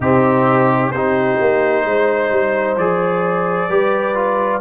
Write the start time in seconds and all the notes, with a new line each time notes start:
0.00 C3 C4 D#4 G4
0.91 C4 D#4 G4 C5
1.40 A#3
1.85 G#3 C5
2.30 G3
2.77 F3 G#4 D5
3.69 G3 G4 B4
4.14 F4